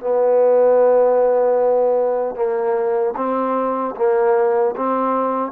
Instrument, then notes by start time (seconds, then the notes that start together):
trombone
0.00 B3
2.35 A#3
3.16 C4
3.96 A#3
4.75 C4